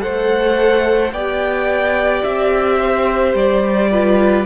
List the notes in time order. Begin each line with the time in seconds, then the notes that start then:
0.00 A3 A4 C5 F#5
1.12 B3 G4 D5 G5
2.24 C4 E5
2.79 C5
3.34 G3 D5
3.91 F4 B4